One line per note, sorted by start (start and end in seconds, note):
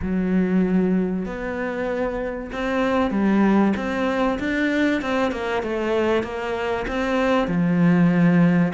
0.01 1.25 F#3
1.25 2.50 B3
2.52 3.11 C4
3.11 3.73 G3
3.76 4.38 C4
4.39 5.01 D4
5.01 5.31 C4
5.31 5.62 A#3
5.62 6.23 A3
6.23 6.86 A#3
6.88 7.47 C4
7.47 8.72 F3